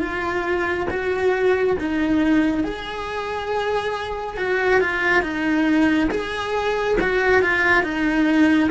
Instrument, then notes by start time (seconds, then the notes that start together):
cello
0.00 F4
0.90 F#4
1.79 D#4
2.64 G#4
4.37 F#4
4.81 F4
5.22 D#4
6.11 G#4
7.01 F#4
7.42 F4
7.83 D#4